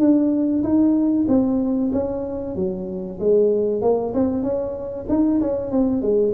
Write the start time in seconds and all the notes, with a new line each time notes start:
0.00 D4
0.63 D#4
1.28 C4
1.93 C#4
2.56 F#3
3.20 G#3
3.82 A#3
4.15 C4
4.43 C#4
5.09 D#4
5.41 C#4
5.71 C4
6.02 G#3